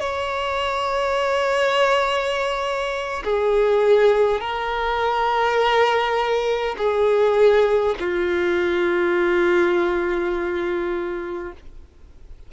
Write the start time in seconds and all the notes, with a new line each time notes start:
0.00 C#5
3.25 G#4
4.40 A#4
6.78 G#4
7.99 F4